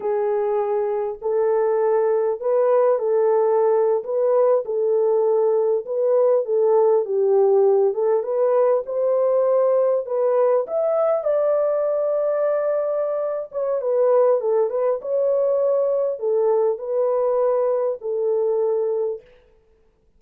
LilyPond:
\new Staff \with { instrumentName = "horn" } { \time 4/4 \tempo 4 = 100 gis'2 a'2 | b'4 a'4.~ a'16 b'4 a'16~ | a'4.~ a'16 b'4 a'4 g'16~ | g'4~ g'16 a'8 b'4 c''4~ c''16~ |
c''8. b'4 e''4 d''4~ d''16~ | d''2~ d''8 cis''8 b'4 | a'8 b'8 cis''2 a'4 | b'2 a'2 | }